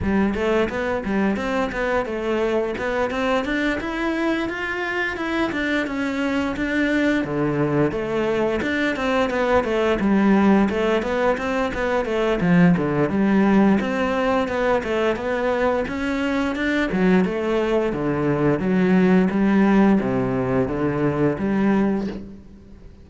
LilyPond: \new Staff \with { instrumentName = "cello" } { \time 4/4 \tempo 4 = 87 g8 a8 b8 g8 c'8 b8 a4 | b8 c'8 d'8 e'4 f'4 e'8 | d'8 cis'4 d'4 d4 a8~ | a8 d'8 c'8 b8 a8 g4 a8 |
b8 c'8 b8 a8 f8 d8 g4 | c'4 b8 a8 b4 cis'4 | d'8 fis8 a4 d4 fis4 | g4 c4 d4 g4 | }